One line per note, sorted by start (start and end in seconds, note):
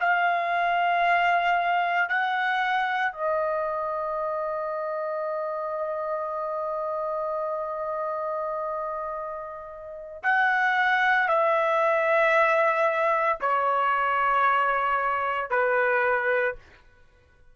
0.00 2.09 F5
2.09 3.12 F#5
3.12 10.22 D#5
10.22 11.28 F#5
11.28 13.38 E5
13.40 15.50 C#5
15.50 16.55 B4